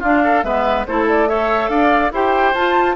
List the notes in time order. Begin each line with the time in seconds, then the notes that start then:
0.00 D4 F4 F5
0.23 A4
0.43 G#3 B3 B4 E5
0.86 A3 E4 A4 C5
1.08 D5
1.28 A4 C#5 E5
1.68 D4 D5 F5
2.11 E4 G4 C5 G5
2.53 F4 A5